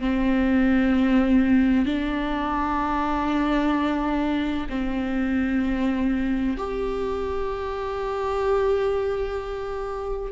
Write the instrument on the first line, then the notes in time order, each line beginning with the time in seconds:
viola
0.00 C4
1.86 D4
4.70 C4
6.58 G4